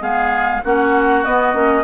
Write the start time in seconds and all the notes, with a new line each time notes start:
0.00 G#3 B3 G#4 F5
0.64 A#3 C#4 F#4 F#5
1.24 B3 D#5
1.53 A#3 C#4